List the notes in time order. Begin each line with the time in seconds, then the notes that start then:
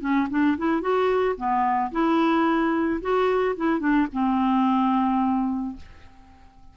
0.00 C#4
0.30 D4
0.57 E4
0.81 F#4
1.36 B3
1.91 E4
3.01 F#4
3.56 E4
3.79 D4
4.12 C4